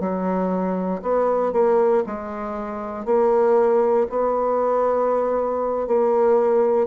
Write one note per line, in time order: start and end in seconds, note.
0.00 1.02 F#3
1.02 1.53 B3
1.53 2.03 A#3
2.07 3.05 G#3
3.05 4.07 A#3
4.10 5.88 B3
5.88 6.87 A#3